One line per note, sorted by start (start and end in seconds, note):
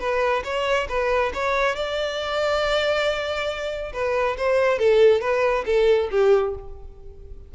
0.00 0.43 B4
0.44 0.88 C#5
0.89 1.32 B4
1.34 1.75 C#5
1.75 3.93 D5
3.93 4.37 B4
4.38 4.79 C5
4.79 5.21 A4
5.21 5.65 B4
5.66 6.09 A4
6.11 6.55 G4